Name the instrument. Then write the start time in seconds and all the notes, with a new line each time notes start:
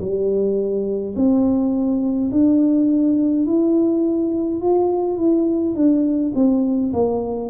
tuba
0.00 G3
1.16 C4
2.32 D4
3.47 E4
4.62 F4
5.18 E4
5.76 D4
6.35 C4
6.93 A#3